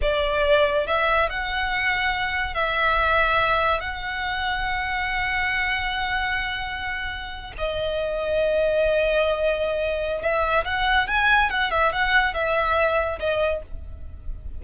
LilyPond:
\new Staff \with { instrumentName = "violin" } { \time 4/4 \tempo 4 = 141 d''2 e''4 fis''4~ | fis''2 e''2~ | e''4 fis''2.~ | fis''1~ |
fis''4.~ fis''16 dis''2~ dis''16~ | dis''1 | e''4 fis''4 gis''4 fis''8 e''8 | fis''4 e''2 dis''4 | }